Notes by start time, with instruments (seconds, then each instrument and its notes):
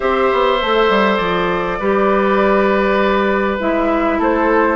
0.00 bassoon C4, clarinet G4, oboe C5, flute E5
0.32 bassoon B3
0.62 bassoon A3, clarinet A4
0.89 bassoon G3
1.16 bassoon F3, flute D5
1.79 bassoon G3, clarinet G4, oboe B4
3.59 bassoon G#3, clarinet E4, flute E5
4.18 bassoon A3, oboe A4, flute C5